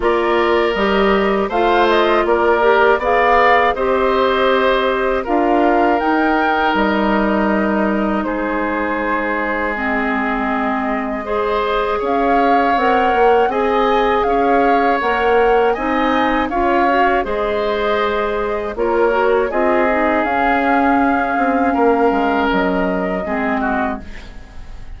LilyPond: <<
  \new Staff \with { instrumentName = "flute" } { \time 4/4 \tempo 4 = 80 d''4 dis''4 f''8 dis''8 d''4 | f''4 dis''2 f''4 | g''4 dis''2 c''4~ | c''4 dis''2. |
f''4 fis''4 gis''4 f''4 | fis''4 gis''4 f''4 dis''4~ | dis''4 cis''4 dis''4 f''4~ | f''2 dis''2 | }
  \new Staff \with { instrumentName = "oboe" } { \time 4/4 ais'2 c''4 ais'4 | d''4 c''2 ais'4~ | ais'2. gis'4~ | gis'2. c''4 |
cis''2 dis''4 cis''4~ | cis''4 dis''4 cis''4 c''4~ | c''4 ais'4 gis'2~ | gis'4 ais'2 gis'8 fis'8 | }
  \new Staff \with { instrumentName = "clarinet" } { \time 4/4 f'4 g'4 f'4. g'8 | gis'4 g'2 f'4 | dis'1~ | dis'4 c'2 gis'4~ |
gis'4 ais'4 gis'2 | ais'4 dis'4 f'8 fis'8 gis'4~ | gis'4 f'8 fis'8 f'8 dis'8 cis'4~ | cis'2. c'4 | }
  \new Staff \with { instrumentName = "bassoon" } { \time 4/4 ais4 g4 a4 ais4 | b4 c'2 d'4 | dis'4 g2 gis4~ | gis1 |
cis'4 c'8 ais8 c'4 cis'4 | ais4 c'4 cis'4 gis4~ | gis4 ais4 c'4 cis'4~ | cis'8 c'8 ais8 gis8 fis4 gis4 | }
>>